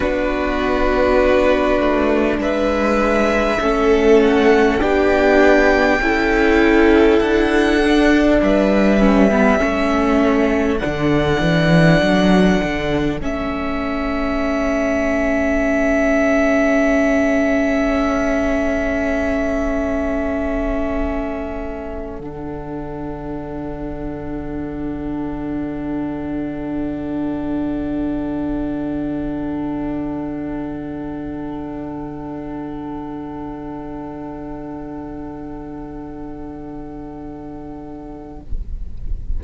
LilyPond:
<<
  \new Staff \with { instrumentName = "violin" } { \time 4/4 \tempo 4 = 50 b'2 e''4. fis''8 | g''2 fis''4 e''4~ | e''4 fis''2 e''4~ | e''1~ |
e''2~ e''8 fis''4.~ | fis''1~ | fis''1~ | fis''1 | }
  \new Staff \with { instrumentName = "violin" } { \time 4/4 fis'2 b'4 a'4 | g'4 a'2 b'4 | a'1~ | a'1~ |
a'1~ | a'1~ | a'1~ | a'1 | }
  \new Staff \with { instrumentName = "viola" } { \time 4/4 d'2. cis'4 | d'4 e'4. d'4 cis'16 b16 | cis'4 d'2 cis'4~ | cis'1~ |
cis'2~ cis'8 d'4.~ | d'1~ | d'1~ | d'1 | }
  \new Staff \with { instrumentName = "cello" } { \time 4/4 b4. a8 gis4 a4 | b4 cis'4 d'4 g4 | a4 d8 e8 fis8 d8 a4~ | a1~ |
a2~ a8 d4.~ | d1~ | d1~ | d1 | }
>>